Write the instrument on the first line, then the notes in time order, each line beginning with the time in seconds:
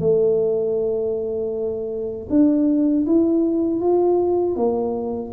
tuba
0.00 A3
2.30 D4
3.07 E4
3.80 F4
4.56 A#3